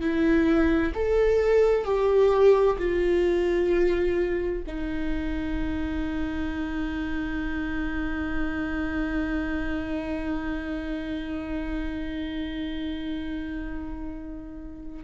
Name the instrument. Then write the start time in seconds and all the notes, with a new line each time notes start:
viola
0.00 E4
0.94 A4
1.85 G4
2.78 F4
4.67 D#4